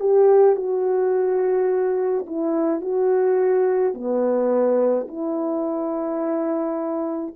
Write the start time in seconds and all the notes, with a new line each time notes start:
0.00 G4
0.56 F#4
2.26 E4
2.81 F#4
3.94 B3
5.08 E4